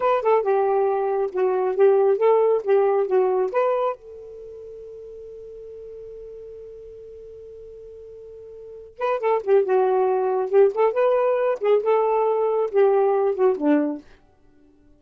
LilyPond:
\new Staff \with { instrumentName = "saxophone" } { \time 4/4 \tempo 4 = 137 b'8 a'8 g'2 fis'4 | g'4 a'4 g'4 fis'4 | b'4 a'2.~ | a'1~ |
a'1~ | a'8 b'8 a'8 g'8 fis'2 | g'8 a'8 b'4. gis'8 a'4~ | a'4 g'4. fis'8 d'4 | }